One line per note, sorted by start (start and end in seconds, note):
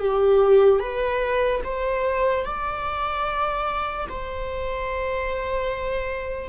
0.00 0.80 G4
0.80 1.61 B4
1.64 2.45 C5
2.45 4.07 D5
4.09 6.49 C5